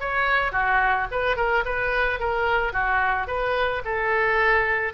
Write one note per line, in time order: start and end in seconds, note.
0.00 0.52 C#5
0.52 1.07 F#4
1.11 1.36 B4
1.36 1.64 A#4
1.65 2.19 B4
2.19 2.73 A#4
2.73 3.27 F#4
3.27 3.82 B4
3.85 4.93 A4